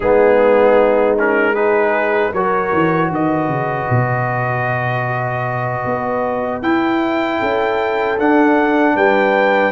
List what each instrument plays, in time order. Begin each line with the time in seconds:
0.00 tuba G#3, trombone B3, horn D#4, trumpet G#4
1.18 trombone C#4, trumpet A#4
1.53 trombone D#4, horn G#4, trumpet B4
2.32 tuba F#3, trombone F#4, horn A#4, trumpet C#5
2.72 tuba E3
3.10 tuba D#3, horn B4, trumpet D#5
3.48 tuba C#3
3.89 tuba B2
5.84 tuba B3
6.62 trombone E4, tuba E4, trumpet G5
7.39 tuba C#4, horn A4
8.18 tuba D4, trombone D4, trumpet F#5
8.95 tuba G3, horn B4, trumpet G5